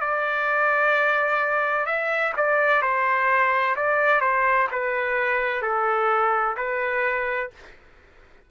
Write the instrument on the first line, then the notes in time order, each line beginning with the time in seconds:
trumpet
0.00 D5
1.85 E5
2.37 D5
2.81 C5
3.76 D5
4.20 C5
4.71 B4
5.62 A4
6.56 B4